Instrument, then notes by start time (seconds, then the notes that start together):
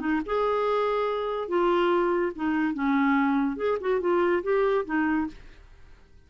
clarinet
0.00 D#4
0.26 G#4
1.48 F4
2.35 D#4
2.74 C#4
3.57 G#4
3.81 F#4
4.01 F4
4.43 G4
4.85 D#4